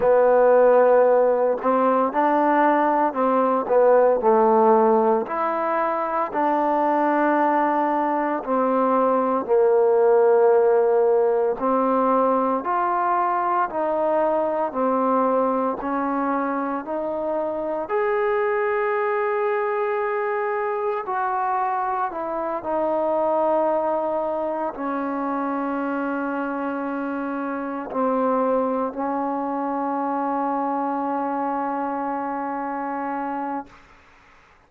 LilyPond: \new Staff \with { instrumentName = "trombone" } { \time 4/4 \tempo 4 = 57 b4. c'8 d'4 c'8 b8 | a4 e'4 d'2 | c'4 ais2 c'4 | f'4 dis'4 c'4 cis'4 |
dis'4 gis'2. | fis'4 e'8 dis'2 cis'8~ | cis'2~ cis'8 c'4 cis'8~ | cis'1 | }